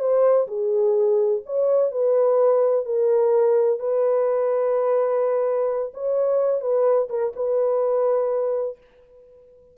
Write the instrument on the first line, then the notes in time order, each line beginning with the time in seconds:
horn
0.00 C5
0.48 G#4
1.46 C#5
1.92 B4
2.86 A#4
3.80 B4
5.94 C#5
6.61 B4
7.10 A#4
7.36 B4